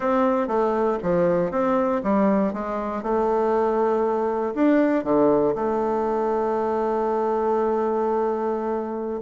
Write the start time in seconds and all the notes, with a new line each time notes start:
0.00 C4
0.47 A3
1.02 F3
1.51 C4
2.03 G3
2.53 G#3
3.03 A3
4.54 D4
5.04 D3
5.55 A3